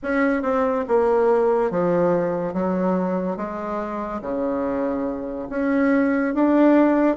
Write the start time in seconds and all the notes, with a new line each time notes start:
0.02 C#4
0.42 C4
0.88 A#3
1.71 F3
2.54 F#3
3.36 G#3
4.21 C#3
5.49 C#4
6.34 D4